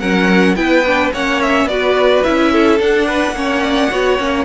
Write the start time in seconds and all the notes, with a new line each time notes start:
0.00 F#3 C#4 A#4 F#5
0.55 B3 E4 B4 G5
0.86 D4
1.13 A#3 C#4 C#5 F#5
1.42 E5
1.65 B3 F#4 B4 D5
2.23 C#4 E4 E5
2.52 A4
2.79 D4 F#5
3.07 B4
3.32 A#3 C#4 C#5
3.63 D5
3.90 B3 F#4 C#5
4.18 A#3 C#4